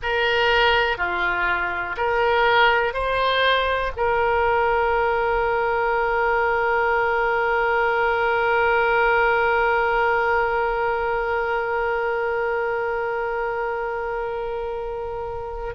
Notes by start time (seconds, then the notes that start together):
0.02 A#4
0.97 F4
1.97 A#4
2.93 C5
3.96 A#4